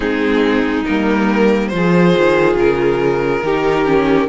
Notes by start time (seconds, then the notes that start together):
0.00 G#3 C4 D#4 G#4
0.85 G3 A#3 A#4
1.68 F3 F4 C5
1.76 G#4
2.17 D#3
2.55 C#3 A#4
3.41 D#3 D#4 G4
3.85 C#4